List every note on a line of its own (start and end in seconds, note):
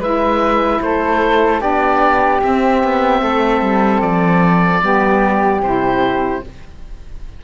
0.00 0.80 G#3
0.00 1.60 E4
0.00 0.80 B4
0.00 0.82 E5
0.82 1.61 A3
0.82 1.62 A4
0.82 1.62 C5
1.60 2.41 B3
1.60 2.40 D4
1.60 3.22 G4
1.60 2.42 D5
2.42 4.82 C4
2.42 2.84 C4
2.42 4.02 E5
2.84 3.22 B3
3.22 3.62 A3
3.22 4.83 A4
3.62 4.02 G3
4.02 4.82 F3
4.02 5.62 D5
4.82 5.60 G3
4.82 5.62 B3
4.82 6.45 G4
5.60 6.40 C3
5.60 6.44 E4
5.60 6.43 C5